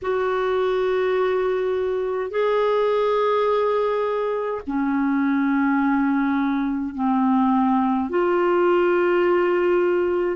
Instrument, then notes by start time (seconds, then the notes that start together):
clarinet
0.02 F#4
2.30 G#4
4.66 C#4
6.94 C4
8.09 F4